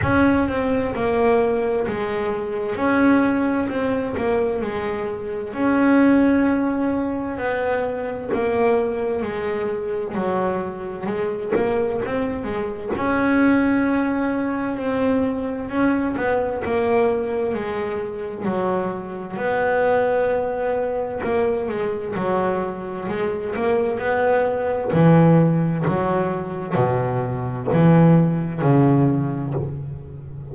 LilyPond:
\new Staff \with { instrumentName = "double bass" } { \time 4/4 \tempo 4 = 65 cis'8 c'8 ais4 gis4 cis'4 | c'8 ais8 gis4 cis'2 | b4 ais4 gis4 fis4 | gis8 ais8 c'8 gis8 cis'2 |
c'4 cis'8 b8 ais4 gis4 | fis4 b2 ais8 gis8 | fis4 gis8 ais8 b4 e4 | fis4 b,4 e4 cis4 | }